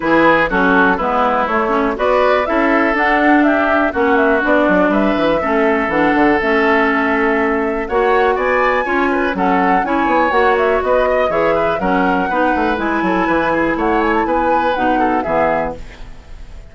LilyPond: <<
  \new Staff \with { instrumentName = "flute" } { \time 4/4 \tempo 4 = 122 b'4 a'4 b'4 cis''4 | d''4 e''4 fis''4 e''4 | fis''8 e''8 d''4 e''2 | fis''4 e''2. |
fis''4 gis''2 fis''4 | gis''4 fis''8 e''8 dis''4 e''4 | fis''2 gis''2 | fis''8 gis''16 a''16 gis''4 fis''4 e''4 | }
  \new Staff \with { instrumentName = "oboe" } { \time 4/4 gis'4 fis'4 e'2 | b'4 a'2 g'4 | fis'2 b'4 a'4~ | a'1 |
cis''4 d''4 cis''8 b'8 a'4 | cis''2 b'8 dis''8 cis''8 b'8 | ais'4 b'4. a'8 b'8 gis'8 | cis''4 b'4. a'8 gis'4 | }
  \new Staff \with { instrumentName = "clarinet" } { \time 4/4 e'4 cis'4 b4 a8 cis'8 | fis'4 e'4 d'2 | cis'4 d'2 cis'4 | d'4 cis'2. |
fis'2 f'4 cis'4 | e'4 fis'2 gis'4 | cis'4 dis'4 e'2~ | e'2 dis'4 b4 | }
  \new Staff \with { instrumentName = "bassoon" } { \time 4/4 e4 fis4 gis4 a4 | b4 cis'4 d'2 | ais4 b8 fis8 g8 e8 a4 | e8 d8 a2. |
ais4 b4 cis'4 fis4 | cis'8 b8 ais4 b4 e4 | fis4 b8 a8 gis8 fis8 e4 | a4 b4 b,4 e4 | }
>>